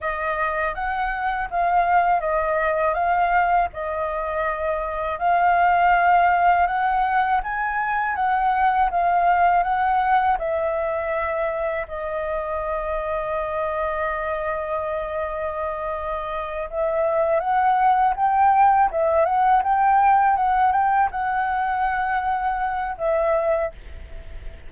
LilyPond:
\new Staff \with { instrumentName = "flute" } { \time 4/4 \tempo 4 = 81 dis''4 fis''4 f''4 dis''4 | f''4 dis''2 f''4~ | f''4 fis''4 gis''4 fis''4 | f''4 fis''4 e''2 |
dis''1~ | dis''2~ dis''8 e''4 fis''8~ | fis''8 g''4 e''8 fis''8 g''4 fis''8 | g''8 fis''2~ fis''8 e''4 | }